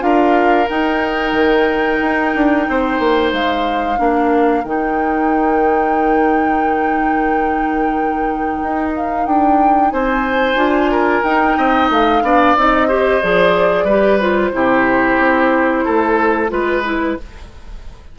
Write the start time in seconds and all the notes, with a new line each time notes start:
0.00 D4 F4 A#4 F5
0.69 D#4 G5
1.33 D#3
2.02 D#4
2.35 D4
2.69 C4 C5
3.00 A#3
3.32 G#3 F5
3.98 A#3 D4 A#4
4.64 D#3 D#4 G5
8.63 D#4
8.96 F5
9.26 D4 G5
9.91 C4 C5 G#5
10.55 D4 F4
10.91 A#4
11.23 D#4 G5
11.58 C4 D#5
11.90 A3 F5
12.22 B3 D4 D5
12.56 C4 D#4 D#5
12.88 G4 C5
13.23 F3 G#4 D5
13.84 G3 G4 B4
14.20 F4 C5
14.53 C3 E4 G4
15.19 C4
15.85 A3 A4
16.49 G#3 F4 B4
16.84 E4